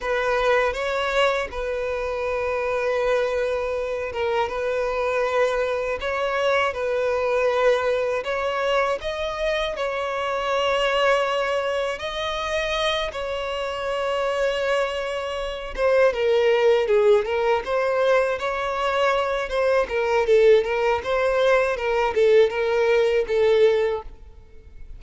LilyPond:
\new Staff \with { instrumentName = "violin" } { \time 4/4 \tempo 4 = 80 b'4 cis''4 b'2~ | b'4. ais'8 b'2 | cis''4 b'2 cis''4 | dis''4 cis''2. |
dis''4. cis''2~ cis''8~ | cis''4 c''8 ais'4 gis'8 ais'8 c''8~ | c''8 cis''4. c''8 ais'8 a'8 ais'8 | c''4 ais'8 a'8 ais'4 a'4 | }